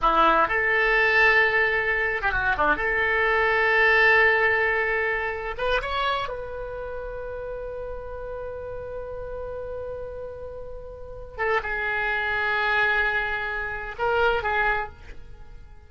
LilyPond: \new Staff \with { instrumentName = "oboe" } { \time 4/4 \tempo 4 = 129 e'4 a'2.~ | a'8. g'16 fis'8 d'8 a'2~ | a'1 | b'8 cis''4 b'2~ b'8~ |
b'1~ | b'1~ | b'8 a'8 gis'2.~ | gis'2 ais'4 gis'4 | }